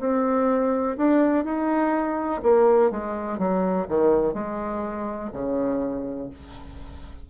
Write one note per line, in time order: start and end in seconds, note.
0.00 0.97 C4
0.98 1.45 D4
1.45 2.41 D#4
2.43 2.91 A#3
2.91 3.39 G#3
3.39 3.87 F#3
3.89 4.34 D#3
4.34 5.30 G#3
5.33 6.30 C#3